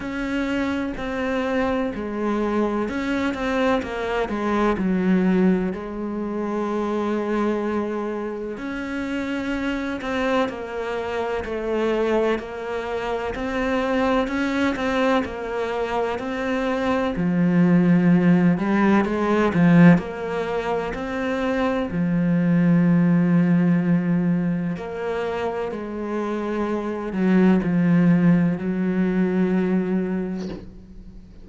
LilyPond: \new Staff \with { instrumentName = "cello" } { \time 4/4 \tempo 4 = 63 cis'4 c'4 gis4 cis'8 c'8 | ais8 gis8 fis4 gis2~ | gis4 cis'4. c'8 ais4 | a4 ais4 c'4 cis'8 c'8 |
ais4 c'4 f4. g8 | gis8 f8 ais4 c'4 f4~ | f2 ais4 gis4~ | gis8 fis8 f4 fis2 | }